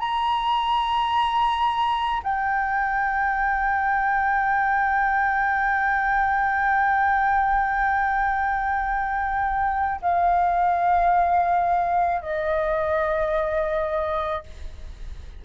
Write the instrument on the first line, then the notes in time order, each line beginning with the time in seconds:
flute
0.00 A#5
2.24 G5
10.02 F5
12.22 D#5